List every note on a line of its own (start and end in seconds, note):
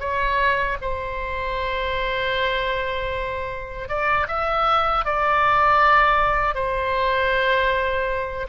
0.00 0.77 C#5
0.81 3.88 C5
3.88 4.27 D5
4.28 5.05 E5
5.05 6.55 D5
6.55 8.47 C5